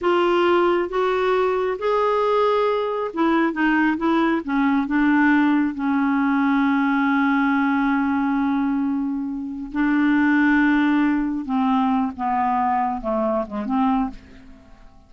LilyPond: \new Staff \with { instrumentName = "clarinet" } { \time 4/4 \tempo 4 = 136 f'2 fis'2 | gis'2. e'4 | dis'4 e'4 cis'4 d'4~ | d'4 cis'2.~ |
cis'1~ | cis'2 d'2~ | d'2 c'4. b8~ | b4. a4 gis8 c'4 | }